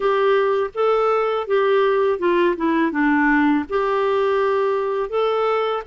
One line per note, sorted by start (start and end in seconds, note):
0.00 0.70 G4
0.74 1.47 A4
1.47 2.19 G4
2.19 2.55 F4
2.56 2.91 E4
2.91 3.65 D4
3.69 5.09 G4
5.09 5.82 A4